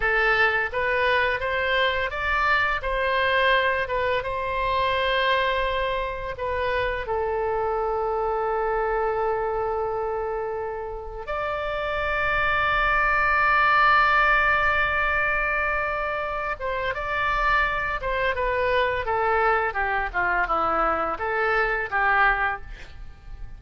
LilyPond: \new Staff \with { instrumentName = "oboe" } { \time 4/4 \tempo 4 = 85 a'4 b'4 c''4 d''4 | c''4. b'8 c''2~ | c''4 b'4 a'2~ | a'1 |
d''1~ | d''2.~ d''8 c''8 | d''4. c''8 b'4 a'4 | g'8 f'8 e'4 a'4 g'4 | }